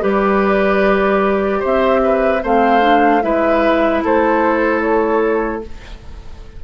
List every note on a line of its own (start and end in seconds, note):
0.00 1.62 G3
0.00 2.40 G4
0.00 1.59 B4
0.00 1.64 D5
1.59 2.43 C4
1.59 1.99 C5
1.59 2.44 E5
2.03 2.43 B4
2.43 3.23 A3
2.43 2.81 C4
2.43 3.23 C5
2.43 3.22 F5
2.81 3.21 D4
3.22 4.03 G#3
3.22 5.62 E4
3.22 4.04 B4
3.22 4.02 E5
4.04 5.64 A3
4.04 5.64 A4
4.04 4.81 C5
4.81 5.61 C#5